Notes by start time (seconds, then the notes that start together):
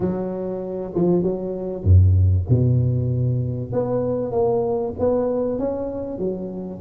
0.00 F#3
0.94 F3
1.22 F#3
1.83 F#2
2.49 B2
3.72 B3
4.31 A#3
4.99 B3
5.58 C#4
6.18 F#3